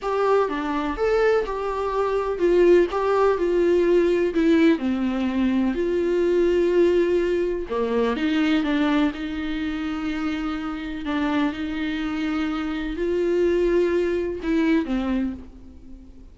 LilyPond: \new Staff \with { instrumentName = "viola" } { \time 4/4 \tempo 4 = 125 g'4 d'4 a'4 g'4~ | g'4 f'4 g'4 f'4~ | f'4 e'4 c'2 | f'1 |
ais4 dis'4 d'4 dis'4~ | dis'2. d'4 | dis'2. f'4~ | f'2 e'4 c'4 | }